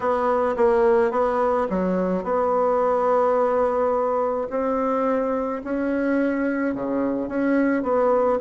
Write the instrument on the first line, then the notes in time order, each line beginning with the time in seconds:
bassoon
0.00 B3
0.56 A#3
1.11 B3
1.69 F#3
2.23 B3
4.50 C4
5.64 C#4
6.74 C#3
7.28 C#4
7.82 B3